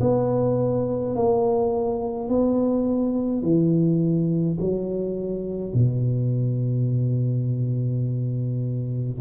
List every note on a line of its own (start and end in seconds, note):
0.00 1.15 B3
1.15 2.29 A#3
2.29 3.42 B3
3.42 4.58 E3
4.60 5.73 F#3
5.73 9.19 B2